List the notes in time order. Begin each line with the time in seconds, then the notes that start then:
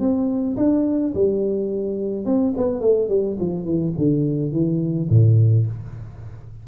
0.00 C4
0.57 D4
1.14 G3
2.26 C4
2.57 B3
2.81 A3
3.09 G3
3.40 F3
3.65 E3
3.98 D3
4.52 E3
5.10 A2